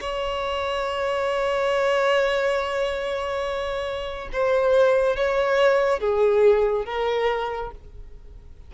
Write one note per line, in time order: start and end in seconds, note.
0.00 4.29 C#5
4.32 5.15 C5
5.15 6.00 C#5
6.00 6.85 G#4
6.85 7.71 A#4